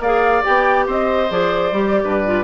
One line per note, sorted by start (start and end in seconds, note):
0.00 0.42 A#3
0.00 0.44 G#4
0.00 0.87 D5
0.00 0.45 F5
0.44 0.88 B3
0.44 1.28 G4
0.44 0.87 G5
0.87 1.30 C4
0.87 2.03 C5
0.87 1.31 D#5
1.30 1.72 F3
1.30 1.72 G#4
1.30 2.45 D5
1.72 2.04 G3
1.72 2.25 G4
2.04 2.45 G2
2.04 2.45 B4
2.25 2.45 F4